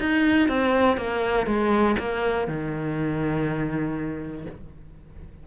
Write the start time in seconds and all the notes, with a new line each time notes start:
0.00 D#4
0.49 C4
0.98 A#3
1.47 G#3
1.99 A#3
2.48 D#3